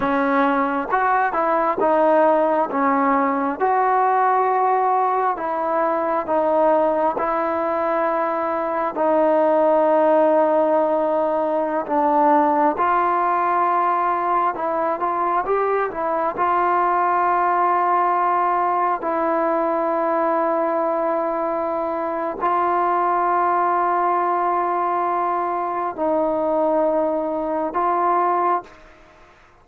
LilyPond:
\new Staff \with { instrumentName = "trombone" } { \time 4/4 \tempo 4 = 67 cis'4 fis'8 e'8 dis'4 cis'4 | fis'2 e'4 dis'4 | e'2 dis'2~ | dis'4~ dis'16 d'4 f'4.~ f'16~ |
f'16 e'8 f'8 g'8 e'8 f'4.~ f'16~ | f'4~ f'16 e'2~ e'8.~ | e'4 f'2.~ | f'4 dis'2 f'4 | }